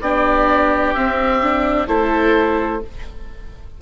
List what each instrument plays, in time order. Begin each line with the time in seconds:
0.00 bassoon B3, viola D4, oboe G4 D5
0.94 viola C4, bassoon C4, oboe E5
1.43 viola D4
1.87 bassoon A3, viola E4, oboe A4 C5